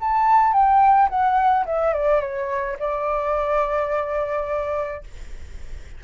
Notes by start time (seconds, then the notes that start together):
0.00 A5
0.53 G5
1.09 F#5
1.65 E5
1.93 D5
2.20 C#5
2.79 D5